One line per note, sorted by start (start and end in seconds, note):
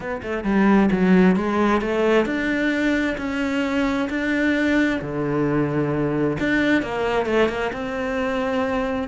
0.00 0.21 B3
0.22 0.44 A3
0.44 0.89 G3
0.91 1.36 F#3
1.36 1.81 G#3
1.81 2.25 A3
2.25 3.16 D4
3.17 4.08 C#4
4.09 5.00 D4
5.01 6.37 D3
6.39 6.82 D4
6.82 7.25 A#3
7.25 7.48 A3
7.48 7.71 A#3
7.73 9.08 C4